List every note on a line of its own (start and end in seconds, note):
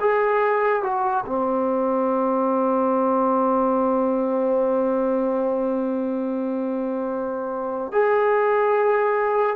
0.00 0.83 G#4
0.83 1.24 F#4
1.26 7.92 C4
7.92 9.56 G#4